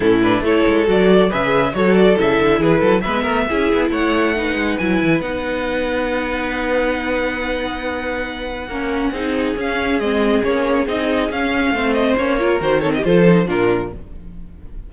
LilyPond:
<<
  \new Staff \with { instrumentName = "violin" } { \time 4/4 \tempo 4 = 138 a'8 b'8 cis''4 d''4 e''4 | cis''8 d''8 e''4 b'4 e''4~ | e''4 fis''2 gis''4 | fis''1~ |
fis''1~ | fis''2 f''4 dis''4 | cis''4 dis''4 f''4. dis''8 | cis''4 c''8 cis''16 dis''16 c''4 ais'4 | }
  \new Staff \with { instrumentName = "violin" } { \time 4/4 e'4 a'2 b'4 | a'2 gis'8 a'8 b'8 ais'8 | gis'4 cis''4 b'2~ | b'1~ |
b'1 | ais'4 gis'2.~ | gis'2. c''4~ | c''8 ais'4 a'16 g'16 a'4 f'4 | }
  \new Staff \with { instrumentName = "viola" } { \time 4/4 cis'8 d'8 e'4 fis'4 gis'4 | fis'4 e'2 b4 | e'2 dis'4 e'4 | dis'1~ |
dis'1 | cis'4 dis'4 cis'4 c'4 | cis'4 dis'4 cis'4 c'4 | cis'8 f'8 fis'8 c'8 f'8 dis'8 d'4 | }
  \new Staff \with { instrumentName = "cello" } { \time 4/4 a,4 a8 gis8 fis4 cis4 | fis4 cis8 d8 e8 fis8 gis8 a8 | cis'8 b8 a4. gis8 fis8 e8 | b1~ |
b1 | ais4 c'4 cis'4 gis4 | ais4 c'4 cis'4 a4 | ais4 dis4 f4 ais,4 | }
>>